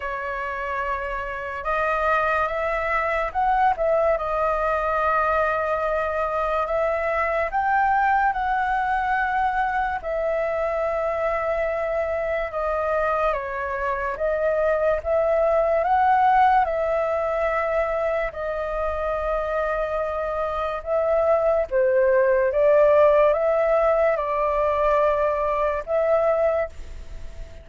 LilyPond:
\new Staff \with { instrumentName = "flute" } { \time 4/4 \tempo 4 = 72 cis''2 dis''4 e''4 | fis''8 e''8 dis''2. | e''4 g''4 fis''2 | e''2. dis''4 |
cis''4 dis''4 e''4 fis''4 | e''2 dis''2~ | dis''4 e''4 c''4 d''4 | e''4 d''2 e''4 | }